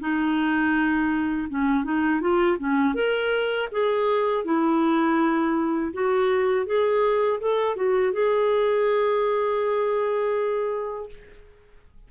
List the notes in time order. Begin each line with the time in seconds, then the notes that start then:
0.00 D#4
1.49 C#4
1.84 D#4
2.21 F4
2.59 C#4
2.95 A#4
3.72 G#4
4.44 E4
5.93 F#4
6.66 G#4
7.40 A4
7.76 F#4
8.13 G#4